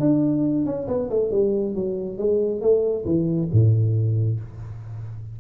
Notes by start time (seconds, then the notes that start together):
0.00 D4
0.65 C#4
0.88 B3
1.10 A3
1.31 G3
1.75 F#3
2.18 G#3
2.61 A3
3.05 E3
3.52 A2